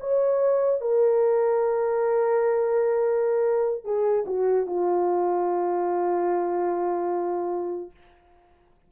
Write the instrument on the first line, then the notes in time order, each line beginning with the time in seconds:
horn
0.00 C#5
0.81 A#4
3.84 G#4
4.26 F#4
4.66 F4